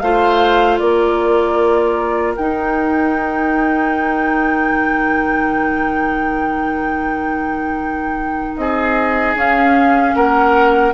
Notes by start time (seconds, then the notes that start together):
0.00 A3 F4 C5 F5
0.79 A#3 A#4 D5
2.36 D#4 G5
4.71 D#3
8.57 C4 G#4 D#5
9.35 C#4 F5
10.16 A#3 A#4 F#5